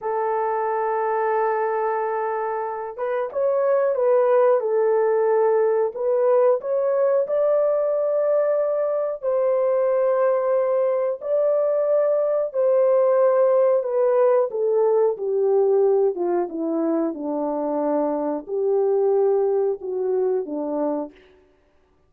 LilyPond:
\new Staff \with { instrumentName = "horn" } { \time 4/4 \tempo 4 = 91 a'1~ | a'8 b'8 cis''4 b'4 a'4~ | a'4 b'4 cis''4 d''4~ | d''2 c''2~ |
c''4 d''2 c''4~ | c''4 b'4 a'4 g'4~ | g'8 f'8 e'4 d'2 | g'2 fis'4 d'4 | }